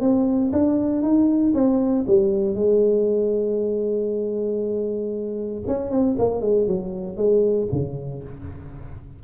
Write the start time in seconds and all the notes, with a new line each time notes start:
0.00 C4
0.52 D4
1.02 D#4
1.54 C4
2.07 G3
2.54 G#3
5.67 C#4
5.90 C4
6.18 A#3
6.41 G#3
6.67 F#3
7.16 G#3
7.72 C#3